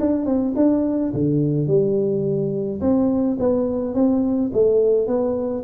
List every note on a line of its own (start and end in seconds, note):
0.00 0.25 D4
0.25 0.54 C4
0.56 1.12 D4
1.14 1.67 D3
1.67 2.80 G3
2.81 3.37 C4
3.39 3.94 B3
3.94 4.51 C4
4.53 5.07 A3
5.07 5.64 B3